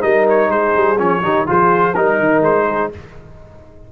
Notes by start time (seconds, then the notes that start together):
0.00 G3 D#4 A#4 D#5
0.29 C#5
0.48 G#3 G#4 C5
0.76 G3
0.98 F3 C#4 C#5
1.22 D#3 D#4 G4
1.46 F3 F4 G#4 C5
1.95 G3 D#4 A#4
2.19 D#3
2.41 G#3 C5
2.66 G#4